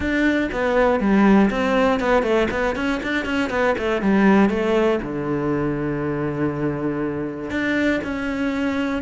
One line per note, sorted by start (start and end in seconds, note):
0.00 0.49 D4
0.51 1.00 B3
1.00 1.50 G3
1.50 2.00 C4
2.00 2.23 B3
2.23 2.48 A3
2.50 2.75 B3
2.75 3.00 C#4
3.02 3.25 D4
3.25 3.50 C#4
3.50 3.75 B3
3.77 4.01 A3
4.01 4.49 G3
4.49 4.99 A3
5.02 7.50 D3
7.50 8.00 D4
8.03 9.02 C#4